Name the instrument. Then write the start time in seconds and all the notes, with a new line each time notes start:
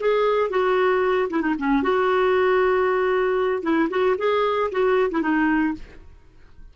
clarinet
0.00 G#4
0.50 F#4
1.30 E4
1.42 D#4
1.59 C#4
1.83 F#4
3.63 E4
3.90 F#4
4.18 G#4
4.71 F#4
5.11 E4
5.22 D#4